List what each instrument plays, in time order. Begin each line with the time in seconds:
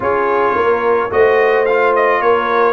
0.00 tuba C#4, trombone F4, horn G#4, trumpet C#5
0.55 tuba A#3, horn A#4
1.10 tuba A3, trombone F#4, horn C5, trumpet D#5
1.65 trombone F4, trumpet F5
1.95 trumpet D#5
2.20 tuba A#3, horn A#4, trumpet C#5